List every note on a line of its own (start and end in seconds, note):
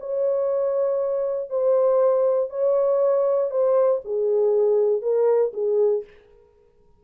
0.00 1.50 C#5
1.50 2.50 C5
2.50 3.51 C#5
3.51 4.01 C5
4.05 5.02 G#4
5.02 5.52 A#4
5.54 6.04 G#4